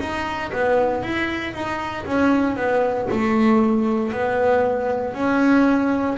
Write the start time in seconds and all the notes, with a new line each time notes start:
0.00 D#4
0.52 B3
1.03 E4
1.54 D#4
2.05 C#4
2.56 B3
3.11 A3
4.12 B3
5.14 C#4